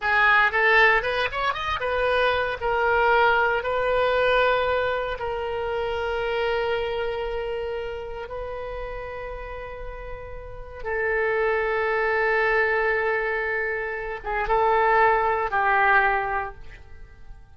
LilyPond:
\new Staff \with { instrumentName = "oboe" } { \time 4/4 \tempo 4 = 116 gis'4 a'4 b'8 cis''8 dis''8 b'8~ | b'4 ais'2 b'4~ | b'2 ais'2~ | ais'1 |
b'1~ | b'4 a'2.~ | a'2.~ a'8 gis'8 | a'2 g'2 | }